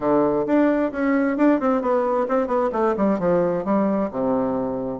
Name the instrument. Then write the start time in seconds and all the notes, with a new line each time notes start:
bassoon
0.00 D3
0.46 D4
0.92 C#4
1.37 D4
1.60 C4
1.81 B3
2.28 C4
2.47 B3
2.72 A3
2.96 G3
3.19 F3
3.64 G3
4.11 C3